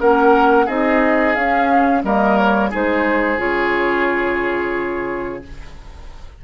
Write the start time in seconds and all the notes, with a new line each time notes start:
0.00 A#3 C#4 A#4 F#5
0.66 C4 D#4 G#4 D#5
1.35 C#4 F5
2.04 G3 A#3 A#4 D#5
2.38 C#5
2.70 G#3 D#4 G#4 C5
3.38 C#3 F4 C#5